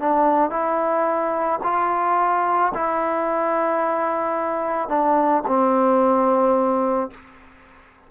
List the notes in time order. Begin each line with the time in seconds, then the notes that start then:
0.00 D4
0.51 E4
1.64 F4
2.75 E4
4.89 D4
5.47 C4